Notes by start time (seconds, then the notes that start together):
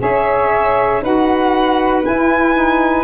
0.00 C#4 G#4 C#5 E5
1.02 D#4 F#4 B4 F#5
2.05 E4 G#5
2.55 D#4